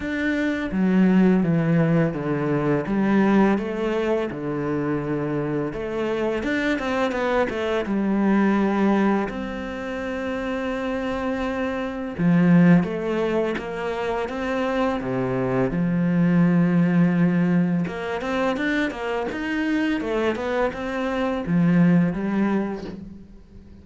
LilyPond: \new Staff \with { instrumentName = "cello" } { \time 4/4 \tempo 4 = 84 d'4 fis4 e4 d4 | g4 a4 d2 | a4 d'8 c'8 b8 a8 g4~ | g4 c'2.~ |
c'4 f4 a4 ais4 | c'4 c4 f2~ | f4 ais8 c'8 d'8 ais8 dis'4 | a8 b8 c'4 f4 g4 | }